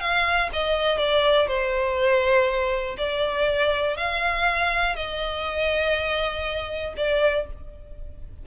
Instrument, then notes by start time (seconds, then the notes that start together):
violin
0.00 F5
0.53 D#5
0.98 D5
1.47 C5
2.98 D5
3.96 F5
4.96 D#5
6.96 D5